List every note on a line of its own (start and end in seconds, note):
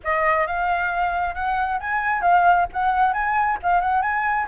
0.03 0.46 D#5
0.46 1.34 F5
1.34 1.79 F#5
1.80 2.21 G#5
2.21 2.66 F5
2.73 3.13 F#5
3.13 3.57 G#5
3.62 3.81 F5
3.81 4.02 F#5
4.02 4.46 G#5